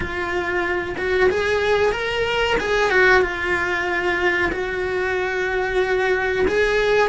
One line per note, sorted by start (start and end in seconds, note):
0.00 0.95 F4
0.97 1.29 F#4
1.30 1.92 G#4
1.92 2.56 A#4
2.60 2.90 G#4
2.90 3.21 F#4
3.21 4.50 F4
4.52 6.45 F#4
6.47 7.08 G#4